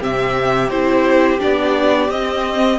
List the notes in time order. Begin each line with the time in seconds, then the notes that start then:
0.00 C3 C4 G4 E5
0.70 C4 E4 C5
1.39 B3 D4 D5
2.09 C4 D#5